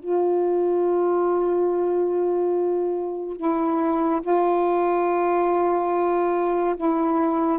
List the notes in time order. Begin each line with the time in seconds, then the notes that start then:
0.00 F4
3.37 E4
4.22 F4
6.76 E4